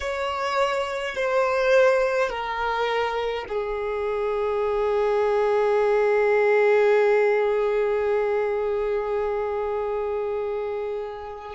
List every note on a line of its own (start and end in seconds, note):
0.00 1.15 C#5
1.15 2.29 C5
2.29 3.45 A#4
3.48 11.55 G#4